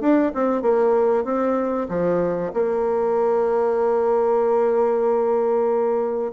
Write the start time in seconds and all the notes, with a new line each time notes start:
0.00 D4
0.34 C4
0.62 A#3
1.24 C4
1.89 F3
2.53 A#3